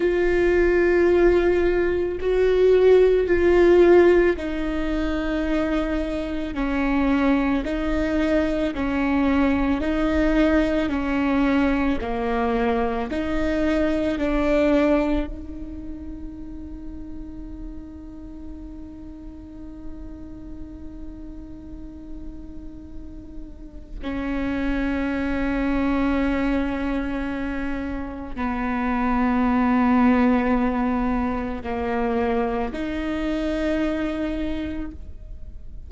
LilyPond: \new Staff \with { instrumentName = "viola" } { \time 4/4 \tempo 4 = 55 f'2 fis'4 f'4 | dis'2 cis'4 dis'4 | cis'4 dis'4 cis'4 ais4 | dis'4 d'4 dis'2~ |
dis'1~ | dis'2 cis'2~ | cis'2 b2~ | b4 ais4 dis'2 | }